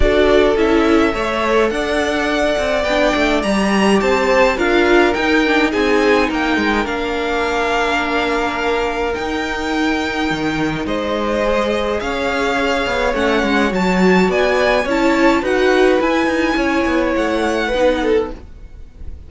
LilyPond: <<
  \new Staff \with { instrumentName = "violin" } { \time 4/4 \tempo 4 = 105 d''4 e''2 fis''4~ | fis''4 g''4 ais''4 a''4 | f''4 g''4 gis''4 g''4 | f''1 |
g''2. dis''4~ | dis''4 f''2 fis''4 | a''4 gis''4 a''4 fis''4 | gis''2 fis''2 | }
  \new Staff \with { instrumentName = "violin" } { \time 4/4 a'2 cis''4 d''4~ | d''2. c''4 | ais'2 gis'4 ais'4~ | ais'1~ |
ais'2. c''4~ | c''4 cis''2.~ | cis''4 d''4 cis''4 b'4~ | b'4 cis''2 b'8 a'8 | }
  \new Staff \with { instrumentName = "viola" } { \time 4/4 fis'4 e'4 a'2~ | a'4 d'4 g'2 | f'4 dis'8 d'8 dis'2 | d'1 |
dis'1 | gis'2. cis'4 | fis'2 e'4 fis'4 | e'2. dis'4 | }
  \new Staff \with { instrumentName = "cello" } { \time 4/4 d'4 cis'4 a4 d'4~ | d'8 c'8 b8 a8 g4 c'4 | d'4 dis'4 c'4 ais8 gis8 | ais1 |
dis'2 dis4 gis4~ | gis4 cis'4. b8 a8 gis8 | fis4 b4 cis'4 dis'4 | e'8 dis'8 cis'8 b8 a4 b4 | }
>>